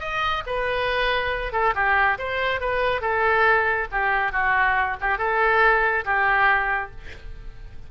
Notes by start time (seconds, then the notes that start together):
0.00 D#5
0.46 B4
1.52 A4
1.75 G4
2.18 C5
2.60 B4
3.01 A4
3.92 G4
4.32 F#4
5.01 G4
5.18 A4
6.05 G4